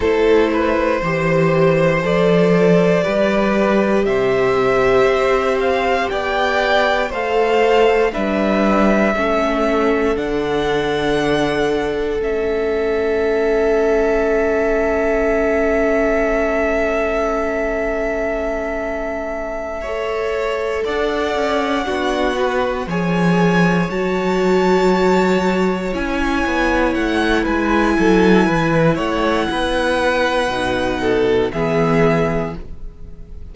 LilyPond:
<<
  \new Staff \with { instrumentName = "violin" } { \time 4/4 \tempo 4 = 59 c''2 d''2 | e''4. f''8 g''4 f''4 | e''2 fis''2 | e''1~ |
e''1~ | e''8 fis''2 gis''4 a''8~ | a''4. gis''4 fis''8 gis''4~ | gis''8 fis''2~ fis''8 e''4 | }
  \new Staff \with { instrumentName = "violin" } { \time 4/4 a'8 b'8 c''2 b'4 | c''2 d''4 c''4 | b'4 a'2.~ | a'1~ |
a'2.~ a'8 cis''8~ | cis''8 d''4 fis'4 cis''4.~ | cis''2. b'8 a'8 | b'8 cis''8 b'4. a'8 gis'4 | }
  \new Staff \with { instrumentName = "viola" } { \time 4/4 e'4 g'4 a'4 g'4~ | g'2. a'4 | d'4 cis'4 d'2 | cis'1~ |
cis'2.~ cis'8 a'8~ | a'4. d'8 b'8 gis'4 fis'8~ | fis'4. e'2~ e'8~ | e'2 dis'4 b4 | }
  \new Staff \with { instrumentName = "cello" } { \time 4/4 a4 e4 f4 g4 | c4 c'4 b4 a4 | g4 a4 d2 | a1~ |
a1~ | a8 d'8 cis'8 b4 f4 fis8~ | fis4. cis'8 b8 a8 gis8 fis8 | e8 a8 b4 b,4 e4 | }
>>